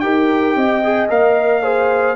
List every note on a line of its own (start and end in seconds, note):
0.00 0.55 D#4
0.00 0.82 G4
0.00 0.56 A#4
0.00 1.07 G5
0.55 1.09 C4
0.55 1.62 D#5
0.83 1.09 G#4
1.09 2.16 A#3
1.09 1.62 A#4
1.09 2.16 F5
1.62 2.16 G#4
1.62 2.16 C5